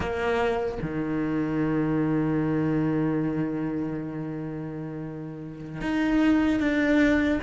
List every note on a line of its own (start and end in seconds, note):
0.00 0.78 A#3
0.82 5.81 D#3
5.81 6.60 D#4
6.60 7.40 D4